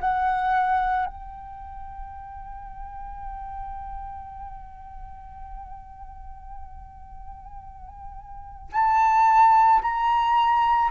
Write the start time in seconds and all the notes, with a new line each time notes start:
0.00 F#5
1.05 G5
8.72 A5
9.81 A#5